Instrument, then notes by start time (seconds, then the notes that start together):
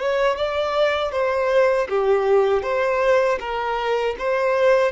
violin
0.00 C#5
0.37 D5
1.12 C5
1.89 G4
2.62 C5
3.40 A#4
4.18 C5